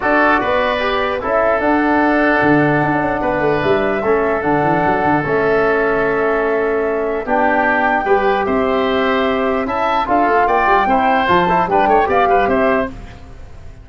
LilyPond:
<<
  \new Staff \with { instrumentName = "flute" } { \time 4/4 \tempo 4 = 149 d''2. e''4 | fis''1~ | fis''4 e''2 fis''4~ | fis''4 e''2.~ |
e''2 g''2~ | g''4 e''2. | a''4 f''4 g''2 | a''4 g''4 f''4 e''4 | }
  \new Staff \with { instrumentName = "oboe" } { \time 4/4 a'4 b'2 a'4~ | a'1 | b'2 a'2~ | a'1~ |
a'2 g'2 | b'4 c''2. | e''4 a'4 d''4 c''4~ | c''4 b'8 cis''8 d''8 b'8 c''4 | }
  \new Staff \with { instrumentName = "trombone" } { \time 4/4 fis'2 g'4 e'4 | d'1~ | d'2 cis'4 d'4~ | d'4 cis'2.~ |
cis'2 d'2 | g'1 | e'4 f'2 e'4 | f'8 e'8 d'4 g'2 | }
  \new Staff \with { instrumentName = "tuba" } { \time 4/4 d'4 b2 cis'4 | d'2 d4 d'8 cis'8 | b8 a8 g4 a4 d8 e8 | fis8 d8 a2.~ |
a2 b2 | g4 c'2. | cis'4 d'8 a8 ais8 g8 c'4 | f4 g8 a8 b8 g8 c'4 | }
>>